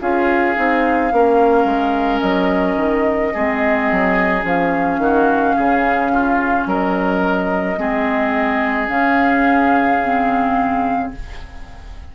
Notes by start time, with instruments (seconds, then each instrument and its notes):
0.00 bassoon C#4, clarinet F4, oboe G#4, flute F5
0.54 bassoon C4, clarinet D#4
1.12 bassoon A#3, clarinet C#4, oboe A#4
1.64 bassoon G#3
2.20 bassoon F#3, flute D#5
2.76 bassoon D#3
3.33 bassoon G#3, clarinet C4, oboe G#4
3.91 bassoon F#3
4.41 bassoon F3, clarinet C#4, flute F5
4.97 bassoon D#3, oboe F#4
5.56 bassoon C#3, oboe G#4
6.12 oboe F4
6.66 bassoon F#3, oboe A#4, flute D#5
7.77 bassoon G#3, clarinet C4, oboe G#4
8.87 bassoon C#3, clarinet C#4, flute F5
10.04 clarinet C4